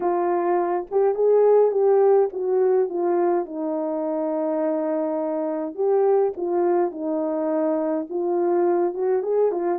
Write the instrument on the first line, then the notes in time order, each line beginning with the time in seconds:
horn
0.00 F4
0.90 G4
1.15 G#4
1.71 G4
2.33 F#4
2.89 F4
3.45 D#4
5.75 G4
6.36 F4
6.91 D#4
8.09 F4
8.94 F#4
9.23 G#4
9.51 F4